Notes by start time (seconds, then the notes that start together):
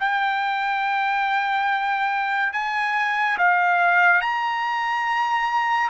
0.00 G5
2.53 G#5
3.38 F5
4.21 A#5